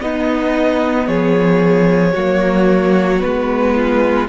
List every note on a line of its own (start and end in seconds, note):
0.00 2.14 B3
0.00 1.07 B3
0.00 1.07 D#4
0.00 1.07 D#5
1.07 2.14 F3
1.07 2.13 G#4
1.07 3.21 C#5
2.13 3.23 F#3
2.13 3.21 A#3
2.13 3.74 F#4
3.21 4.28 G#3
3.21 4.28 B3
3.21 4.28 B4
3.75 4.28 F4